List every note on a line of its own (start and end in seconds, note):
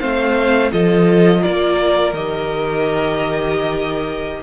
0.00 0.72 A3
0.00 0.71 C4
0.00 0.71 C5
0.00 0.71 F5
0.71 1.44 F3
0.71 2.12 F4
0.71 1.41 A4
0.71 1.43 D#5
1.41 2.13 A#3
1.41 4.41 A#4
1.41 2.14 D5
2.13 4.43 D#3
2.13 4.43 G4
2.13 4.43 D#5